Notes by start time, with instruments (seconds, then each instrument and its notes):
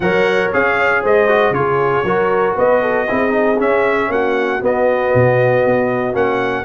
0.00 tuba F#3, trombone A#4, horn C#5, trumpet F#5
0.53 tuba C#4, trombone G#4, trumpet F5
1.02 tuba G#3, horn C5, trumpet D#5
1.28 trombone F#4
1.51 tuba C#3, trombone F4, horn G#4, trumpet C#5
2.03 tuba F#3, trombone F#4, horn A#4
2.55 tuba B3, horn B4, trumpet D#5
2.81 horn A4
3.07 tuba C4, trombone E4, horn G#4
3.29 trombone D#4
3.58 trombone C#4, tuba C#4, trumpet E5
4.09 tuba A#3, horn F#4, trumpet F#5
4.60 trombone B3, tuba B3, trumpet D#5
5.14 tuba B2
5.65 tuba B3
6.13 tuba A#3, trombone C#4, trumpet F#5